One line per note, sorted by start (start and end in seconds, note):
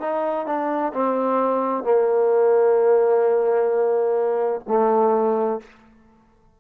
0.00 0.46 D#4
0.46 0.92 D4
0.94 1.83 C4
1.83 4.60 A#3
4.67 5.60 A3